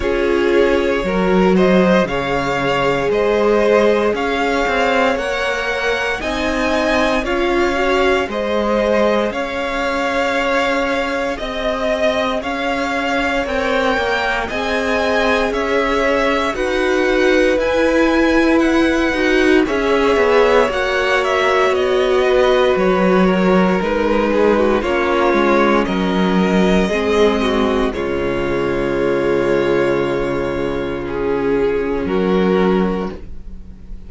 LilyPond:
<<
  \new Staff \with { instrumentName = "violin" } { \time 4/4 \tempo 4 = 58 cis''4. dis''8 f''4 dis''4 | f''4 fis''4 gis''4 f''4 | dis''4 f''2 dis''4 | f''4 g''4 gis''4 e''4 |
fis''4 gis''4 fis''4 e''4 | fis''8 e''8 dis''4 cis''4 b'4 | cis''4 dis''2 cis''4~ | cis''2 gis'4 ais'4 | }
  \new Staff \with { instrumentName = "violin" } { \time 4/4 gis'4 ais'8 c''8 cis''4 c''4 | cis''2 dis''4 cis''4 | c''4 cis''2 dis''4 | cis''2 dis''4 cis''4 |
b'2. cis''4~ | cis''4. b'4 ais'4 gis'16 fis'16 | f'4 ais'4 gis'8 fis'8 f'4~ | f'2. fis'4 | }
  \new Staff \with { instrumentName = "viola" } { \time 4/4 f'4 fis'4 gis'2~ | gis'4 ais'4 dis'4 f'8 fis'8 | gis'1~ | gis'4 ais'4 gis'2 |
fis'4 e'4. fis'8 gis'4 | fis'2. dis'4 | cis'2 c'4 gis4~ | gis2 cis'2 | }
  \new Staff \with { instrumentName = "cello" } { \time 4/4 cis'4 fis4 cis4 gis4 | cis'8 c'8 ais4 c'4 cis'4 | gis4 cis'2 c'4 | cis'4 c'8 ais8 c'4 cis'4 |
dis'4 e'4. dis'8 cis'8 b8 | ais4 b4 fis4 gis4 | ais8 gis8 fis4 gis4 cis4~ | cis2. fis4 | }
>>